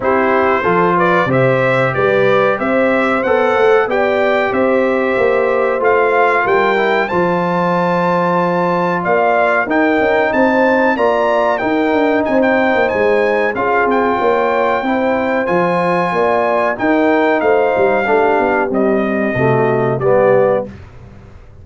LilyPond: <<
  \new Staff \with { instrumentName = "trumpet" } { \time 4/4 \tempo 4 = 93 c''4. d''8 e''4 d''4 | e''4 fis''4 g''4 e''4~ | e''4 f''4 g''4 a''4~ | a''2 f''4 g''4 |
a''4 ais''4 g''4 gis''16 g''8. | gis''4 f''8 g''2~ g''8 | gis''2 g''4 f''4~ | f''4 dis''2 d''4 | }
  \new Staff \with { instrumentName = "horn" } { \time 4/4 g'4 a'8 b'8 c''4 b'4 | c''2 d''4 c''4~ | c''2 ais'4 c''4~ | c''2 d''4 ais'4 |
c''4 d''4 ais'4 c''4~ | c''4 gis'4 cis''4 c''4~ | c''4 d''4 ais'4 c''4 | g'2 fis'4 g'4 | }
  \new Staff \with { instrumentName = "trombone" } { \time 4/4 e'4 f'4 g'2~ | g'4 a'4 g'2~ | g'4 f'4. e'8 f'4~ | f'2. dis'4~ |
dis'4 f'4 dis'2~ | dis'4 f'2 e'4 | f'2 dis'2 | d'4 g4 a4 b4 | }
  \new Staff \with { instrumentName = "tuba" } { \time 4/4 c'4 f4 c4 g4 | c'4 b8 a8 b4 c'4 | ais4 a4 g4 f4~ | f2 ais4 dis'8 cis'8 |
c'4 ais4 dis'8 d'8 c'8. ais16 | gis4 cis'8 c'8 ais4 c'4 | f4 ais4 dis'4 a8 g8 | a8 b8 c'4 c4 g4 | }
>>